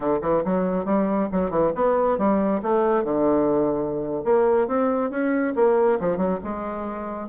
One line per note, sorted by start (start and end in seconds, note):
0.00 0.19 D3
0.21 0.43 E3
0.44 0.85 F#3
0.85 1.28 G3
1.32 1.50 F#3
1.50 1.72 E3
1.75 2.17 B3
2.17 2.61 G3
2.62 3.04 A3
3.04 4.23 D3
4.24 4.67 A#3
4.67 5.10 C4
5.10 5.54 C#4
5.55 5.99 A#3
5.99 6.17 F3
6.17 6.39 F#3
6.43 7.28 G#3